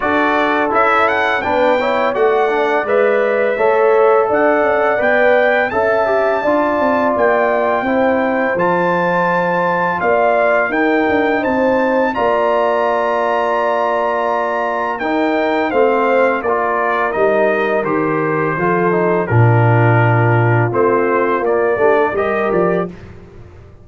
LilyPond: <<
  \new Staff \with { instrumentName = "trumpet" } { \time 4/4 \tempo 4 = 84 d''4 e''8 fis''8 g''4 fis''4 | e''2 fis''4 g''4 | a''2 g''2 | a''2 f''4 g''4 |
a''4 ais''2.~ | ais''4 g''4 f''4 d''4 | dis''4 c''2 ais'4~ | ais'4 c''4 d''4 dis''8 d''8 | }
  \new Staff \with { instrumentName = "horn" } { \time 4/4 a'2 b'8 cis''8 d''4~ | d''4 cis''4 d''2 | e''4 d''2 c''4~ | c''2 d''4 ais'4 |
c''4 d''2.~ | d''4 ais'4 c''4 ais'4~ | ais'2 a'4 f'4~ | f'2~ f'8 g'16 a'16 ais'4 | }
  \new Staff \with { instrumentName = "trombone" } { \time 4/4 fis'4 e'4 d'8 e'8 fis'8 d'8 | b'4 a'2 b'4 | a'8 g'8 f'2 e'4 | f'2. dis'4~ |
dis'4 f'2.~ | f'4 dis'4 c'4 f'4 | dis'4 g'4 f'8 dis'8 d'4~ | d'4 c'4 ais8 d'8 g'4 | }
  \new Staff \with { instrumentName = "tuba" } { \time 4/4 d'4 cis'4 b4 a4 | gis4 a4 d'8 cis'8 b4 | cis'4 d'8 c'8 ais4 c'4 | f2 ais4 dis'8 d'8 |
c'4 ais2.~ | ais4 dis'4 a4 ais4 | g4 dis4 f4 ais,4~ | ais,4 a4 ais8 a8 g8 f8 | }
>>